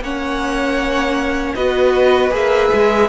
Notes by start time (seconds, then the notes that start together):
0.00 A#3 C#4 C#5 F#5
1.54 B3 F#4 B4 D#5
2.30 A#3 G#4 E5
2.73 G#3